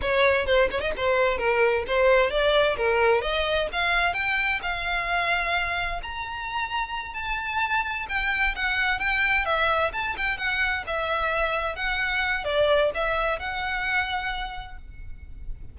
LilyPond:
\new Staff \with { instrumentName = "violin" } { \time 4/4 \tempo 4 = 130 cis''4 c''8 cis''16 dis''16 c''4 ais'4 | c''4 d''4 ais'4 dis''4 | f''4 g''4 f''2~ | f''4 ais''2~ ais''8 a''8~ |
a''4. g''4 fis''4 g''8~ | g''8 e''4 a''8 g''8 fis''4 e''8~ | e''4. fis''4. d''4 | e''4 fis''2. | }